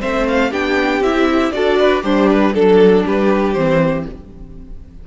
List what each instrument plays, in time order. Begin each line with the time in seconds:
0.00 cello A3, viola C4, violin C5 E5
0.28 violin F5
0.51 cello B3, viola D4, violin G4 G5
1.01 cello C4, viola E4, violin E5
1.52 cello D4, viola F#4, violin A4 D5
1.80 violin B4
2.02 cello G3, violin D4 C5, viola G4
2.31 violin B4
2.53 cello F#3, viola D4, violin A4
3.05 cello G3, violin G4 B4
3.54 cello E3, viola C4, violin C5